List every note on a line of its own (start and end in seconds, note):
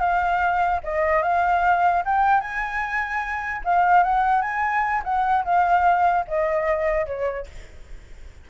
0.00 0.81 F5
0.84 1.23 D#5
1.23 2.03 F5
2.05 2.41 G5
2.41 3.62 G#5
3.65 4.03 F5
4.03 4.42 F#5
4.42 5.02 G#5
5.04 5.44 F#5
5.45 6.25 F5
6.28 7.06 D#5
7.06 7.47 C#5